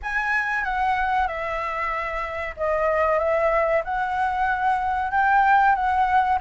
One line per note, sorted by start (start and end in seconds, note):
0.02 0.64 G#5
0.64 1.27 F#5
1.27 2.55 E5
2.56 3.19 D#5
3.19 3.82 E5
3.84 5.11 F#5
5.11 5.74 G5
5.74 6.38 F#5